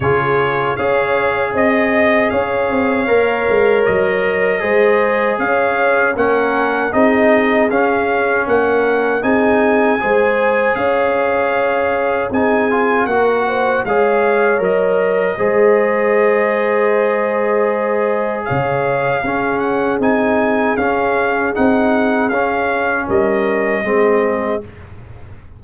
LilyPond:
<<
  \new Staff \with { instrumentName = "trumpet" } { \time 4/4 \tempo 4 = 78 cis''4 f''4 dis''4 f''4~ | f''4 dis''2 f''4 | fis''4 dis''4 f''4 fis''4 | gis''2 f''2 |
gis''4 fis''4 f''4 dis''4~ | dis''1 | f''4. fis''8 gis''4 f''4 | fis''4 f''4 dis''2 | }
  \new Staff \with { instrumentName = "horn" } { \time 4/4 gis'4 cis''4 dis''4 cis''4~ | cis''2 c''4 cis''4 | ais'4 gis'2 ais'4 | gis'4 c''4 cis''2 |
gis'4 ais'8 c''8 cis''2 | c''1 | cis''4 gis'2.~ | gis'2 ais'4 gis'4 | }
  \new Staff \with { instrumentName = "trombone" } { \time 4/4 f'4 gis'2. | ais'2 gis'2 | cis'4 dis'4 cis'2 | dis'4 gis'2. |
dis'8 f'8 fis'4 gis'4 ais'4 | gis'1~ | gis'4 cis'4 dis'4 cis'4 | dis'4 cis'2 c'4 | }
  \new Staff \with { instrumentName = "tuba" } { \time 4/4 cis4 cis'4 c'4 cis'8 c'8 | ais8 gis8 fis4 gis4 cis'4 | ais4 c'4 cis'4 ais4 | c'4 gis4 cis'2 |
c'4 ais4 gis4 fis4 | gis1 | cis4 cis'4 c'4 cis'4 | c'4 cis'4 g4 gis4 | }
>>